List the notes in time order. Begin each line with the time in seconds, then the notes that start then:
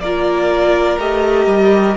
0.00 A#3 F4 A#4 D5
0.99 A3 G4 D#5
1.47 G3